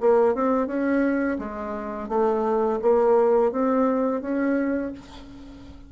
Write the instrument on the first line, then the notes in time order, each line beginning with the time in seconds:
bassoon
0.00 A#3
0.34 C4
0.67 C#4
1.38 G#3
2.08 A3
2.81 A#3
3.51 C4
4.21 C#4